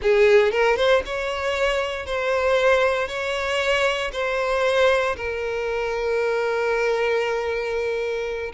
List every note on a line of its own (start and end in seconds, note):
0.01 0.51 G#4
0.51 0.76 A#4
0.76 1.02 C5
1.05 2.05 C#5
2.05 3.08 C5
3.08 4.11 C#5
4.12 5.15 C5
5.16 8.52 A#4